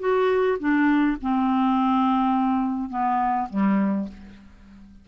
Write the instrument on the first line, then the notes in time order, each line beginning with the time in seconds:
clarinet
0.00 F#4
0.59 D4
1.22 C4
2.90 B3
3.50 G3